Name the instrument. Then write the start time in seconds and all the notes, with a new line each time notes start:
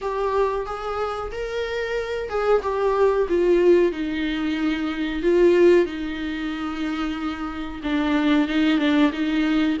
viola
0.01 G4
0.66 G#4
1.31 A#4
2.29 G#4
2.62 G4
3.28 F4
3.92 D#4
5.22 F4
5.85 D#4
7.83 D4
8.48 D#4
8.78 D4
9.12 D#4